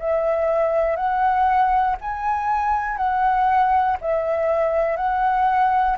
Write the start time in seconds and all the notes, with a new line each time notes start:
0.00 E5
0.96 F#5
2.01 G#5
2.98 F#5
4.01 E5
4.97 F#5